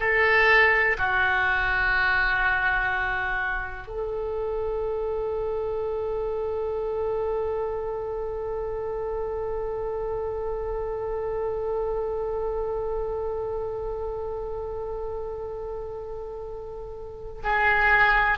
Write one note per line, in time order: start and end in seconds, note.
0.00 0.97 A4
0.98 3.87 F#4
3.87 17.42 A4
17.44 18.38 G#4